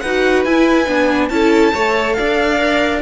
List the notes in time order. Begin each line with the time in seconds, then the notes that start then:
0.00 D#4 F#4 B4 F#5
0.45 E4 G#5
0.87 B3 D4
1.29 C#4 E4 A4 A5
1.73 A3 A4 C#5
2.13 D4 D5 F5
2.57 A#4